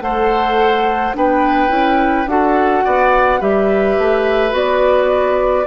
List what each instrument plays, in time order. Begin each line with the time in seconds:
0.00 bassoon A3, clarinet A4, oboe C5, flute F#5
1.14 bassoon B3, clarinet D4, oboe B4, flute G5
1.68 bassoon C#4, clarinet E4
2.26 bassoon D4, clarinet F#4, oboe A4, flute F#5
2.84 bassoon B3, oboe D5
3.40 bassoon G3, clarinet G4, oboe B4, flute E5
3.98 bassoon A3
4.51 bassoon B3, clarinet F#4, flute D5